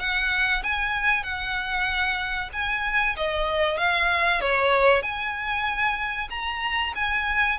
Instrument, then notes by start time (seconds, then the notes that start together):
violin
0.00 F#5
0.63 G#5
1.23 F#5
2.53 G#5
3.17 D#5
3.78 F5
4.41 C#5
5.02 G#5
6.30 A#5
6.96 G#5